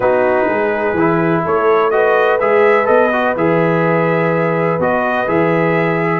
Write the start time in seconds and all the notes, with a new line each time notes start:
0.00 B3 D#4 F#4 B4
0.46 G#3 G#4
0.93 E3 E4
1.45 A3 A4 C#5
1.90 F#4 B4 D#5
2.39 G#3 G#4 E5
2.85 B3 A4 D#5
3.12 F#4
3.36 E3 G#4 E5
4.79 B3 F#4 D#5
5.27 E3 G#4 E5